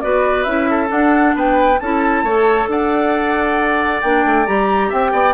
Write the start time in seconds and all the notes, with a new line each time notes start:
0.00 B3 F#4 B4 D5
0.43 C#4 E4 E5
0.70 A4
0.87 D4 F#5
1.35 B3 B4 G5
1.79 C#4 E4 A4 A5
2.23 A3 A4 C#5
2.67 D4 D5 F#5
4.01 A#3 D4 G5
4.25 A3
4.46 G3 G4 A#5
4.89 C4 E5 G5
5.12 B3 D5